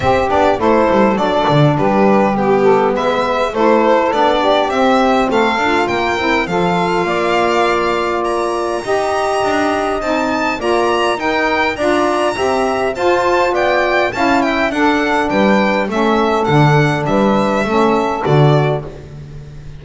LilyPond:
<<
  \new Staff \with { instrumentName = "violin" } { \time 4/4 \tempo 4 = 102 e''8 d''8 c''4 d''4 b'4 | g'4 e''4 c''4 d''4 | e''4 f''4 g''4 f''4~ | f''2 ais''2~ |
ais''4 a''4 ais''4 g''4 | ais''2 a''4 g''4 | a''8 g''8 fis''4 g''4 e''4 | fis''4 e''2 d''4 | }
  \new Staff \with { instrumentName = "saxophone" } { \time 4/4 g'4 a'2 g'4~ | g'8 a'8 b'4 a'4. g'8~ | g'4 a'4 ais'4 a'4 | d''2. dis''4~ |
dis''2 d''4 ais'4 | d''4 e''4 c''4 d''4 | f''8 e''8 a'4 b'4 a'4~ | a'4 b'4 a'2 | }
  \new Staff \with { instrumentName = "saxophone" } { \time 4/4 c'8 d'8 e'4 d'2 | b2 e'4 d'4 | c'4. f'4 e'8 f'4~ | f'2. g'4~ |
g'4 dis'4 f'4 dis'4 | f'4 g'4 f'2 | e'4 d'2 cis'4 | d'2 cis'4 fis'4 | }
  \new Staff \with { instrumentName = "double bass" } { \time 4/4 c'8 b8 a8 g8 fis8 d8 g4~ | g4 gis4 a4 b4 | c'4 a8 d'8 ais8 c'8 f4 | ais2. dis'4 |
d'4 c'4 ais4 dis'4 | d'4 c'4 f'4 b4 | cis'4 d'4 g4 a4 | d4 g4 a4 d4 | }
>>